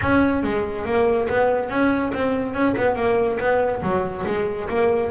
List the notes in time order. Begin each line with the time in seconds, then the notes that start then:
0.01 C#4
0.43 G#3
0.85 A#3
1.28 B3
1.69 C#4
2.13 C4
2.54 C#4
2.76 B3
2.95 A#3
3.39 B3
3.82 F#3
4.26 G#3
4.69 A#3